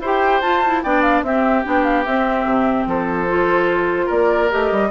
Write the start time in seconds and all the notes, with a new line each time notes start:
0.00 E4 G4 C5
0.06 G5
0.41 F4 A5
0.65 E4
0.83 B3 D4 D5 G5
1.02 F5
1.22 C4 G4 E5
1.64 B3 D4 G5
1.83 F5
2.04 C4 E5
2.45 C3
2.86 F3 A4 C5
3.28 F4
4.06 A#3 A#4 D5
4.50 A3 G4 D#5
4.71 G3